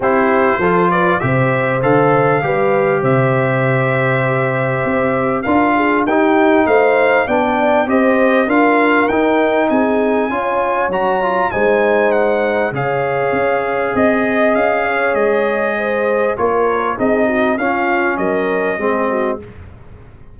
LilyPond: <<
  \new Staff \with { instrumentName = "trumpet" } { \time 4/4 \tempo 4 = 99 c''4. d''8 e''4 f''4~ | f''4 e''2.~ | e''4 f''4 g''4 f''4 | g''4 dis''4 f''4 g''4 |
gis''2 ais''4 gis''4 | fis''4 f''2 dis''4 | f''4 dis''2 cis''4 | dis''4 f''4 dis''2 | }
  \new Staff \with { instrumentName = "horn" } { \time 4/4 g'4 a'8 b'8 c''2 | b'4 c''2.~ | c''4 ais'8 gis'8 g'4 c''4 | d''4 c''4 ais'2 |
gis'4 cis''2 c''4~ | c''4 cis''2 dis''4~ | dis''8 cis''4. c''4 ais'4 | gis'8 fis'8 f'4 ais'4 gis'8 fis'8 | }
  \new Staff \with { instrumentName = "trombone" } { \time 4/4 e'4 f'4 g'4 a'4 | g'1~ | g'4 f'4 dis'2 | d'4 g'4 f'4 dis'4~ |
dis'4 f'4 fis'8 f'8 dis'4~ | dis'4 gis'2.~ | gis'2. f'4 | dis'4 cis'2 c'4 | }
  \new Staff \with { instrumentName = "tuba" } { \time 4/4 c'4 f4 c4 d4 | g4 c2. | c'4 d'4 dis'4 a4 | b4 c'4 d'4 dis'4 |
c'4 cis'4 fis4 gis4~ | gis4 cis4 cis'4 c'4 | cis'4 gis2 ais4 | c'4 cis'4 fis4 gis4 | }
>>